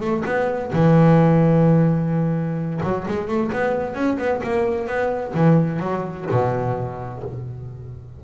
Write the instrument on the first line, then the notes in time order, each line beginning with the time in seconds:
double bass
0.00 A3
0.25 B3
0.73 E3
2.83 F#3
3.07 G#3
3.27 A3
3.52 B3
3.94 C#4
4.18 B3
4.43 A#3
4.87 B3
5.34 E3
5.79 F#3
6.31 B2